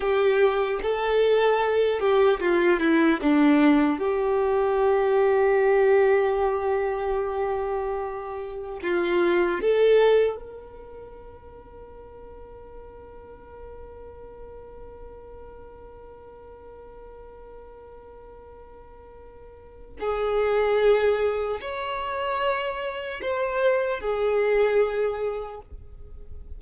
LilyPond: \new Staff \with { instrumentName = "violin" } { \time 4/4 \tempo 4 = 75 g'4 a'4. g'8 f'8 e'8 | d'4 g'2.~ | g'2. f'4 | a'4 ais'2.~ |
ais'1~ | ais'1~ | ais'4 gis'2 cis''4~ | cis''4 c''4 gis'2 | }